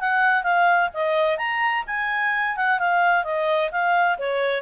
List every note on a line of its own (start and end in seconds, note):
0.00 0.43 F#5
0.43 0.90 F5
0.94 1.38 D#5
1.38 1.84 A#5
1.87 2.56 G#5
2.56 2.79 F#5
2.79 3.24 F5
3.24 3.71 D#5
3.71 4.18 F5
4.18 4.62 C#5